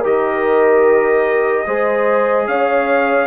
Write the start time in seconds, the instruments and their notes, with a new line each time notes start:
0.00 bassoon D#3, trombone G4, horn A#4, trumpet D#5
1.66 bassoon G#3, trombone G#4, horn C5
2.47 bassoon C#4, horn C#5, trumpet F5